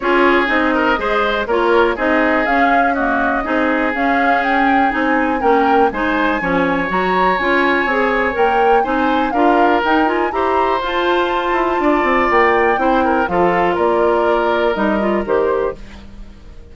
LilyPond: <<
  \new Staff \with { instrumentName = "flute" } { \time 4/4 \tempo 4 = 122 cis''4 dis''2 cis''4 | dis''4 f''4 dis''2 | f''4 g''4 gis''4 g''4 | gis''2 ais''4 gis''4~ |
gis''4 g''4 gis''4 f''4 | g''8 gis''8 ais''4 a''2~ | a''4 g''2 f''4 | d''2 dis''4 c''4 | }
  \new Staff \with { instrumentName = "oboe" } { \time 4/4 gis'4. ais'8 c''4 ais'4 | gis'2 fis'4 gis'4~ | gis'2. ais'4 | c''4 cis''2.~ |
cis''2 c''4 ais'4~ | ais'4 c''2. | d''2 c''8 ais'8 a'4 | ais'1 | }
  \new Staff \with { instrumentName = "clarinet" } { \time 4/4 f'4 dis'4 gis'4 f'4 | dis'4 cis'4 ais4 dis'4 | cis'2 dis'4 cis'4 | dis'4 cis'4 fis'4 f'4 |
gis'4 ais'4 dis'4 f'4 | dis'8 f'8 g'4 f'2~ | f'2 e'4 f'4~ | f'2 dis'8 f'8 g'4 | }
  \new Staff \with { instrumentName = "bassoon" } { \time 4/4 cis'4 c'4 gis4 ais4 | c'4 cis'2 c'4 | cis'2 c'4 ais4 | gis4 f4 fis4 cis'4 |
c'4 ais4 c'4 d'4 | dis'4 e'4 f'4. e'8 | d'8 c'8 ais4 c'4 f4 | ais2 g4 dis4 | }
>>